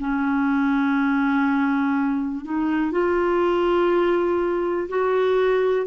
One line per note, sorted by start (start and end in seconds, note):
0.00 2.45 C#4
2.45 2.92 D#4
2.92 4.89 F4
4.89 5.87 F#4